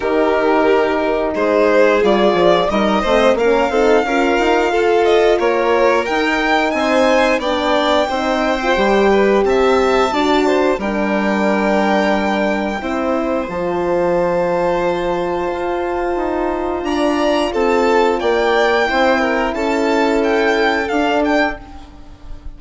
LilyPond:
<<
  \new Staff \with { instrumentName = "violin" } { \time 4/4 \tempo 4 = 89 ais'2 c''4 d''4 | dis''4 f''2~ f''8 dis''8 | cis''4 g''4 gis''4 g''4~ | g''2 a''2 |
g''1 | a''1~ | a''4 ais''4 a''4 g''4~ | g''4 a''4 g''4 f''8 g''8 | }
  \new Staff \with { instrumentName = "violin" } { \time 4/4 g'2 gis'2 | ais'8 c''8 ais'8 a'8 ais'4 a'4 | ais'2 c''4 d''4 | c''4. b'8 e''4 d''8 c''8 |
ais'2. c''4~ | c''1~ | c''4 d''4 a'4 d''4 | c''8 ais'8 a'2. | }
  \new Staff \with { instrumentName = "horn" } { \time 4/4 dis'2. f'4 | dis'8 c'8 cis'8 dis'8 f'2~ | f'4 dis'2 d'4 | dis'8. f'16 g'2 fis'4 |
d'2. e'4 | f'1~ | f'1 | e'2. d'4 | }
  \new Staff \with { instrumentName = "bassoon" } { \time 4/4 dis2 gis4 g8 f8 | g8 a8 ais8 c'8 cis'8 dis'8 f'4 | ais4 dis'4 c'4 b4 | c'4 g4 c'4 d'4 |
g2. c'4 | f2. f'4 | dis'4 d'4 c'4 ais4 | c'4 cis'2 d'4 | }
>>